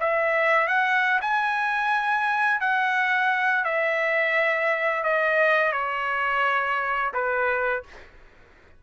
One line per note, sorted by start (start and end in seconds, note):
0.00 0.68 E5
0.68 1.20 F#5
1.21 2.61 G#5
2.61 3.65 F#5
3.65 5.04 E5
5.04 5.73 D#5
5.73 7.12 C#5
7.14 7.84 B4